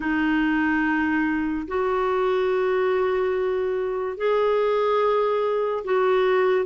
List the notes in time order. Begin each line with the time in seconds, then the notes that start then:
0.00 D#4
1.67 F#4
4.17 G#4
5.84 F#4